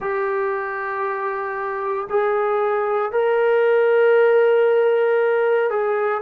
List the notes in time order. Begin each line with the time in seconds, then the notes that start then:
0.00 G4
2.09 G#4
3.11 A#4
5.69 G#4